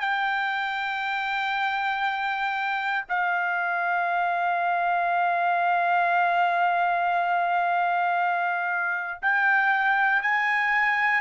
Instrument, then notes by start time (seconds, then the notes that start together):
trumpet
0.00 G5
3.09 F5
9.22 G5
10.22 G#5